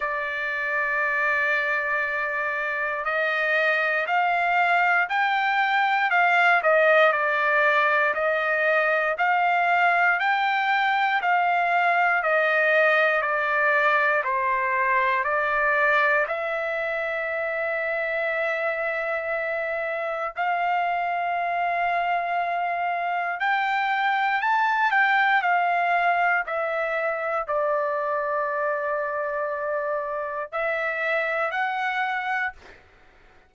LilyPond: \new Staff \with { instrumentName = "trumpet" } { \time 4/4 \tempo 4 = 59 d''2. dis''4 | f''4 g''4 f''8 dis''8 d''4 | dis''4 f''4 g''4 f''4 | dis''4 d''4 c''4 d''4 |
e''1 | f''2. g''4 | a''8 g''8 f''4 e''4 d''4~ | d''2 e''4 fis''4 | }